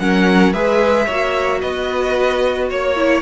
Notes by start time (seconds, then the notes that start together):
0.00 F#3 C#4 A#4 F#5
0.53 G#3 G#4 B4 E5
1.06 A#3 F#4 C#5
1.61 B3 B4 D#5
2.69 A#3 C#5
2.96 E4